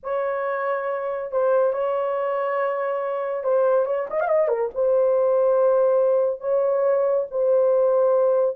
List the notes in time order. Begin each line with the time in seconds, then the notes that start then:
0.03 C#5
1.31 C5
1.72 C#5
3.43 C5
3.85 C#5
4.09 D#5
4.20 F5
4.27 D#5
4.48 A#4
4.74 C5
6.40 C#5
7.31 C5